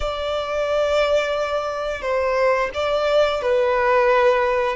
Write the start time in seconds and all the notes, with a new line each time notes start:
0.00 D5
2.01 C5
2.74 D5
3.42 B4